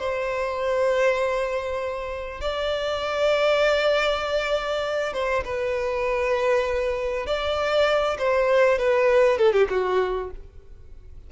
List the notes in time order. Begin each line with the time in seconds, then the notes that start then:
0.00 C5
2.41 D5
5.14 C5
5.45 B4
7.27 D5
8.19 C5
8.79 B4
9.38 A4
9.53 G4
9.70 F#4